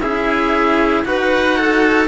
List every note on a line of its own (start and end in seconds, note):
0.00 1.03 C#4
0.00 1.07 E4
0.00 1.06 G#4
0.00 1.04 E5
1.05 2.08 D#4
1.05 2.08 F#4
1.05 1.57 B4
1.05 2.08 F#5
1.57 2.08 A4